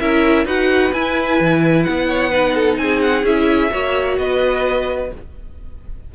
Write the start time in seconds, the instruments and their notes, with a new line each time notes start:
0.00 cello C#4, viola E4, violin A#4 E5
0.45 cello D#4, viola F#4, violin B4 F#5
0.93 cello E4, viola E4, violin G#5
1.40 cello E3
1.83 cello B3, violin F#5
2.09 violin C#5
2.30 viola D#4, violin B4
2.55 violin A4
2.78 cello C4, violin G#4 G#5
3.02 violin F#5
3.24 cello C#4, viola E4, violin E5
3.70 cello A#3, viola F#4, violin C#5
4.19 cello B3, violin B4 D#5